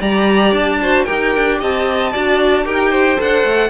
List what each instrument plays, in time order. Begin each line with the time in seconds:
0.00 cello G3, viola G4, violin D5 A#5
0.52 cello D4, violin A5
0.81 viola F#4, violin C5
1.04 cello D#4, viola G4, violin A#4 G5
1.36 cello D4
1.60 cello C4, violin D#5 A5
2.12 cello D4, viola F#4, violin D5
2.64 cello D#4, viola G4, violin A#4 G5
2.90 violin C5
3.17 cello D4, viola A4, violin F#5
3.44 cello A3